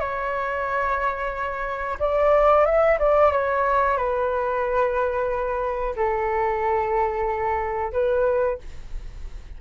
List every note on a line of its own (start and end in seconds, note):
0.00 1.98 C#5
2.00 2.65 D5
2.65 2.98 E5
2.99 3.32 D5
3.32 3.97 C#5
3.97 5.95 B4
5.96 7.93 A4
7.93 8.59 B4